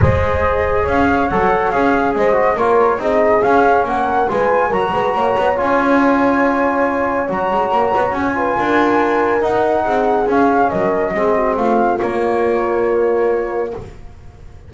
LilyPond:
<<
  \new Staff \with { instrumentName = "flute" } { \time 4/4 \tempo 4 = 140 dis''2 f''4 fis''4 | f''4 dis''4 cis''4 dis''4 | f''4 fis''4 gis''4 ais''4~ | ais''4 gis''2.~ |
gis''4 ais''2 gis''4~ | gis''2 fis''2 | f''4 dis''2 f''4 | cis''1 | }
  \new Staff \with { instrumentName = "horn" } { \time 4/4 c''2 cis''2~ | cis''4 c''4 ais'4 gis'4~ | gis'4 ais'4 b'4 ais'8 b'8 | cis''1~ |
cis''2.~ cis''8 b'8 | ais'2. gis'4~ | gis'4 ais'4 gis'8 fis'8 f'4~ | f'1 | }
  \new Staff \with { instrumentName = "trombone" } { \time 4/4 gis'2. a'4 | gis'4. fis'8 f'4 dis'4 | cis'2 f'4 fis'4~ | fis'4 f'2.~ |
f'4 fis'2~ fis'8 f'8~ | f'2 dis'2 | cis'2 c'2 | ais1 | }
  \new Staff \with { instrumentName = "double bass" } { \time 4/4 gis2 cis'4 fis4 | cis'4 gis4 ais4 c'4 | cis'4 ais4 gis4 fis8 gis8 | ais8 b8 cis'2.~ |
cis'4 fis8 gis8 ais8 b8 cis'4 | d'2 dis'4 c'4 | cis'4 fis4 gis4 a4 | ais1 | }
>>